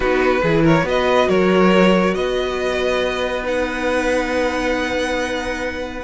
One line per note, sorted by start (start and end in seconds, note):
0.00 0.41 B3
0.00 0.41 D#4
0.00 0.41 F#4
0.00 0.65 B4
0.42 0.83 E3
0.42 0.84 E4
0.42 0.63 G#4
0.63 0.85 A#4
0.63 0.87 C#5
0.83 1.26 B3
0.83 3.42 F#4
0.83 1.28 B4
0.83 1.29 D#5
1.28 2.14 F#3
1.28 2.14 A#4
1.28 2.14 C#5
2.14 6.03 B3
2.14 6.03 B4
2.14 3.44 D#5
3.42 6.01 D#4
3.42 6.03 F#5